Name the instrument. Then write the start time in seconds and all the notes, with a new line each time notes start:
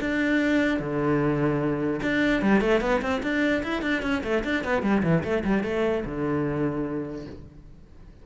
cello
0.00 D4
0.79 D3
2.02 D4
2.41 G3
2.61 A3
2.81 B3
3.01 C4
3.22 D4
3.63 E4
3.82 D4
4.02 C#4
4.23 A3
4.44 D4
4.64 B3
4.82 G3
5.03 E3
5.23 A3
5.44 G3
5.63 A3
6.05 D3